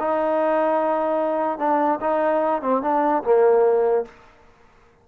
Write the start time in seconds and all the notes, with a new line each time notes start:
0.00 D#4
1.59 D4
2.01 D#4
2.62 C4
2.82 D4
3.24 A#3